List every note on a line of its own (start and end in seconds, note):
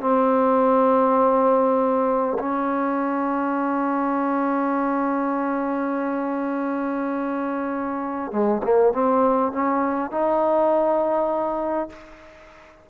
0.00 2.38 C4
2.39 8.32 C#4
8.32 8.62 G#3
8.64 8.93 A#3
8.93 9.52 C4
9.52 10.11 C#4
10.11 11.89 D#4